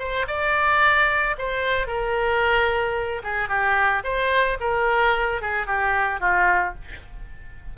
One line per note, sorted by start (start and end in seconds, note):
0.00 0.27 C5
0.28 1.36 D5
1.39 1.88 C5
1.88 3.23 A#4
3.24 3.49 G#4
3.49 4.03 G4
4.04 4.58 C5
4.61 5.42 A#4
5.42 5.67 G#4
5.67 6.21 G4
6.21 6.75 F4